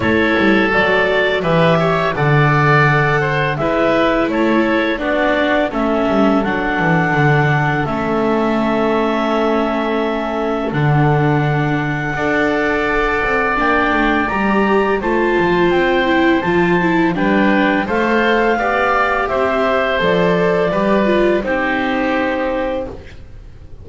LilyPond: <<
  \new Staff \with { instrumentName = "clarinet" } { \time 4/4 \tempo 4 = 84 cis''4 d''4 e''4 fis''4~ | fis''4 e''4 cis''4 d''4 | e''4 fis''2 e''4~ | e''2. fis''4~ |
fis''2. g''4 | ais''4 a''4 g''4 a''4 | g''4 f''2 e''4 | d''2 c''2 | }
  \new Staff \with { instrumentName = "oboe" } { \time 4/4 a'2 b'8 cis''8 d''4~ | d''8 c''8 b'4 a'4 fis'4 | a'1~ | a'1~ |
a'4 d''2.~ | d''4 c''2. | b'4 c''4 d''4 c''4~ | c''4 b'4 g'2 | }
  \new Staff \with { instrumentName = "viola" } { \time 4/4 e'4 fis'4 g'4 a'4~ | a'4 e'2 d'4 | cis'4 d'2 cis'4~ | cis'2. d'4~ |
d'4 a'2 d'4 | g'4 f'4. e'8 f'8 e'8 | d'4 a'4 g'2 | a'4 g'8 f'8 dis'2 | }
  \new Staff \with { instrumentName = "double bass" } { \time 4/4 a8 g8 fis4 e4 d4~ | d4 gis4 a4 b4 | a8 g8 fis8 e8 d4 a4~ | a2. d4~ |
d4 d'4. c'8 ais8 a8 | g4 a8 f8 c'4 f4 | g4 a4 b4 c'4 | f4 g4 c'2 | }
>>